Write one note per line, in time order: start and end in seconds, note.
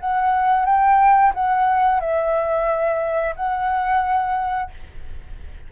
0.00 0.65 F#5
0.65 1.33 G5
1.34 2.00 F#5
2.00 3.35 E5
3.36 4.71 F#5